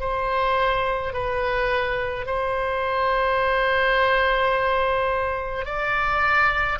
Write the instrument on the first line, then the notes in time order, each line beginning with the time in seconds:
oboe
0.00 C5
1.13 B4
2.26 C5
5.65 D5